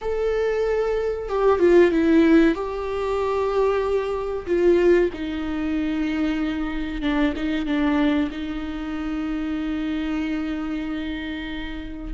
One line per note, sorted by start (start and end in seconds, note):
0.01 1.28 A4
1.29 1.59 G4
1.59 1.91 F4
1.91 2.54 E4
2.54 4.46 G4
4.46 5.10 F4
5.13 7.01 D#4
7.01 7.33 D4
7.35 7.65 D#4
7.65 8.29 D4
8.31 12.13 D#4